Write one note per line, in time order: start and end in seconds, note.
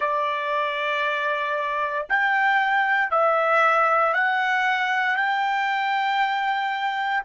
0.00 2.06 D5
2.09 3.10 G5
3.10 4.14 E5
4.14 5.16 F#5
5.16 7.23 G5